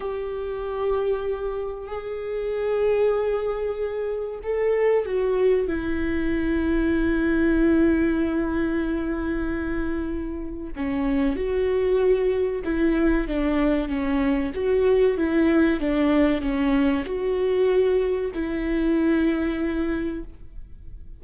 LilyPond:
\new Staff \with { instrumentName = "viola" } { \time 4/4 \tempo 4 = 95 g'2. gis'4~ | gis'2. a'4 | fis'4 e'2.~ | e'1~ |
e'4 cis'4 fis'2 | e'4 d'4 cis'4 fis'4 | e'4 d'4 cis'4 fis'4~ | fis'4 e'2. | }